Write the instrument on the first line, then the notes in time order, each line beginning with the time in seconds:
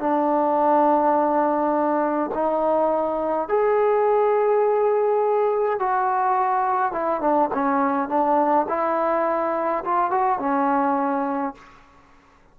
trombone
0.00 D4
2.34 D#4
3.49 G#4
5.79 F#4
6.92 E4
7.21 D4
7.54 C#4
8.09 D4
8.69 E4
9.85 F4
10.11 F#4
10.39 C#4